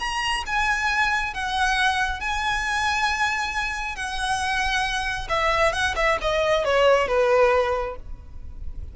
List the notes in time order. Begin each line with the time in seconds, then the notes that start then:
0.00 A#5
0.47 G#5
1.34 F#5
2.21 G#5
3.96 F#5
5.29 E5
5.73 F#5
5.96 E5
6.22 D#5
6.65 C#5
7.08 B4